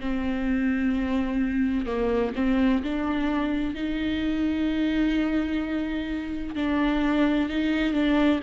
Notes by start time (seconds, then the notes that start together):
0.00 C4
1.86 A#3
2.36 C4
2.83 D4
3.75 D#4
6.56 D4
7.50 D#4
7.93 D4